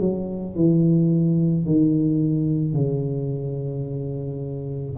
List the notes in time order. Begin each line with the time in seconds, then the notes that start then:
0.00 F#3
0.56 E3
1.66 D#3
2.74 C#3